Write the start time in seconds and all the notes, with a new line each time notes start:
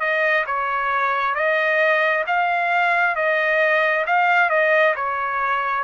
0.00 D#5
0.46 C#5
1.35 D#5
2.27 F5
3.15 D#5
4.07 F5
4.49 D#5
4.95 C#5